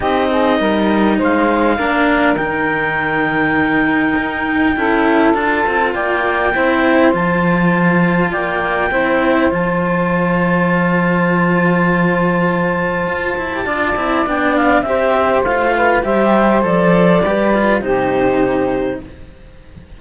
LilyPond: <<
  \new Staff \with { instrumentName = "clarinet" } { \time 4/4 \tempo 4 = 101 dis''2 f''2 | g''1~ | g''4 a''4 g''2 | a''2 g''2 |
a''1~ | a''1 | g''8 f''8 e''4 f''4 e''4 | d''2 c''2 | }
  \new Staff \with { instrumentName = "saxophone" } { \time 4/4 g'8 gis'8 ais'4 c''4 ais'4~ | ais'1 | a'2 d''4 c''4~ | c''2 d''4 c''4~ |
c''1~ | c''2. d''4~ | d''4 c''4. b'8 c''4~ | c''4 b'4 g'2 | }
  \new Staff \with { instrumentName = "cello" } { \time 4/4 dis'2. d'4 | dis'1 | e'4 f'2 e'4 | f'2. e'4 |
f'1~ | f'2~ f'8. g'16 f'8 e'8 | d'4 g'4 f'4 g'4 | a'4 g'8 f'8 dis'2 | }
  \new Staff \with { instrumentName = "cello" } { \time 4/4 c'4 g4 gis4 ais4 | dis2. dis'4 | cis'4 d'8 c'8 ais4 c'4 | f2 ais4 c'4 |
f1~ | f2 f'8 e'8 d'8 c'8 | b4 c'4 a4 g4 | f4 g4 c2 | }
>>